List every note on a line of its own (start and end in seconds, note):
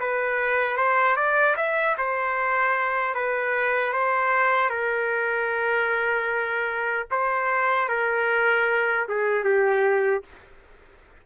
0.00 0.78 B4
0.78 1.16 C5
1.16 1.56 D5
1.57 1.96 E5
1.98 3.15 C5
3.15 3.93 B4
3.93 4.70 C5
4.70 7.07 A#4
7.11 7.89 C5
7.89 9.08 A#4
9.09 9.44 G#4
9.44 10.23 G4